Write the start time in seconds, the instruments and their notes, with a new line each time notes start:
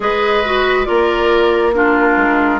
0.00 bassoon G#3, clarinet G#4, oboe B4, flute D#5
0.44 clarinet F#4
0.84 bassoon A#3, clarinet F4, oboe A#4, flute D5
1.73 clarinet D4, oboe F4, flute A#4
2.16 bassoon G#3